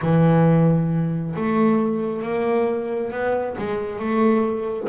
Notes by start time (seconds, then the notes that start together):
0.01 E3
1.36 A3
2.22 A#3
3.11 B3
3.58 G#3
3.99 A3